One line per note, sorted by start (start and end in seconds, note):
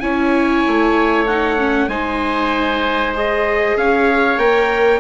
0.00 0.64 C#4
0.00 1.27 E4
0.00 1.90 C#5
0.00 1.25 G#5
0.67 1.88 A3
1.26 1.58 D#4
1.26 1.89 F#5
1.58 1.90 C#4
1.88 3.75 G#3
1.88 3.14 D#4
1.88 3.77 C5
1.88 3.14 G#5
3.14 4.39 G#4
3.14 3.78 D#5
3.76 4.38 C#4
3.76 5.00 C#5
3.76 4.39 F5
4.38 5.00 A#3
4.38 5.00 A#4
4.38 5.00 G5